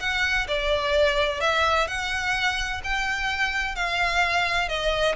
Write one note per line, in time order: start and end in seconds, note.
0.00 0.47 F#5
0.48 1.41 D5
1.41 1.87 E5
1.88 2.81 F#5
2.84 3.76 G5
3.76 4.69 F5
4.69 5.16 D#5